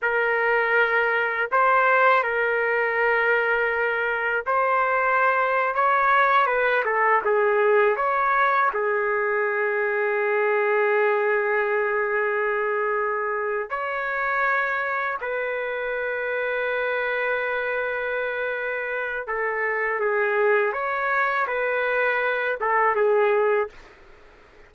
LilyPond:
\new Staff \with { instrumentName = "trumpet" } { \time 4/4 \tempo 4 = 81 ais'2 c''4 ais'4~ | ais'2 c''4.~ c''16 cis''16~ | cis''8. b'8 a'8 gis'4 cis''4 gis'16~ | gis'1~ |
gis'2~ gis'8 cis''4.~ | cis''8 b'2.~ b'8~ | b'2 a'4 gis'4 | cis''4 b'4. a'8 gis'4 | }